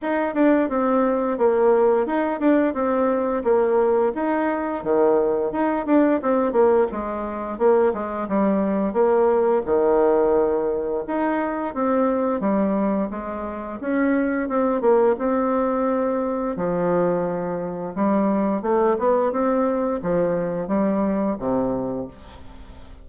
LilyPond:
\new Staff \with { instrumentName = "bassoon" } { \time 4/4 \tempo 4 = 87 dis'8 d'8 c'4 ais4 dis'8 d'8 | c'4 ais4 dis'4 dis4 | dis'8 d'8 c'8 ais8 gis4 ais8 gis8 | g4 ais4 dis2 |
dis'4 c'4 g4 gis4 | cis'4 c'8 ais8 c'2 | f2 g4 a8 b8 | c'4 f4 g4 c4 | }